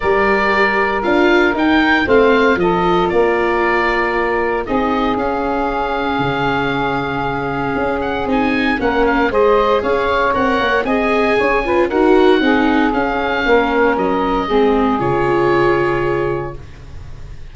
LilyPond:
<<
  \new Staff \with { instrumentName = "oboe" } { \time 4/4 \tempo 4 = 116 d''2 f''4 g''4 | f''4 dis''4 d''2~ | d''4 dis''4 f''2~ | f''2.~ f''8 fis''8 |
gis''4 fis''8 f''8 dis''4 f''4 | fis''4 gis''2 fis''4~ | fis''4 f''2 dis''4~ | dis''4 cis''2. | }
  \new Staff \with { instrumentName = "saxophone" } { \time 4/4 ais'1 | c''4 a'4 ais'2~ | ais'4 gis'2.~ | gis'1~ |
gis'4 ais'4 c''4 cis''4~ | cis''4 dis''4 cis''8 b'8 ais'4 | gis'2 ais'2 | gis'1 | }
  \new Staff \with { instrumentName = "viola" } { \time 4/4 g'2 f'4 dis'4 | c'4 f'2.~ | f'4 dis'4 cis'2~ | cis'1 |
dis'4 cis'4 gis'2 | ais'4 gis'4. f'8 fis'4 | dis'4 cis'2. | c'4 f'2. | }
  \new Staff \with { instrumentName = "tuba" } { \time 4/4 g2 d'4 dis'4 | a4 f4 ais2~ | ais4 c'4 cis'2 | cis2. cis'4 |
c'4 ais4 gis4 cis'4 | c'8 ais8 c'4 cis'4 dis'4 | c'4 cis'4 ais4 fis4 | gis4 cis2. | }
>>